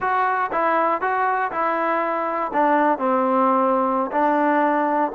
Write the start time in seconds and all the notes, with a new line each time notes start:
0.00 F#4
0.52 E4
1.01 F#4
1.51 E4
2.52 D4
2.98 C4
4.11 D4